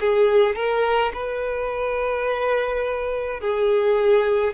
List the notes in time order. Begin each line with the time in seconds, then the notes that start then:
0.00 G#4
0.56 A#4
1.14 B4
3.40 G#4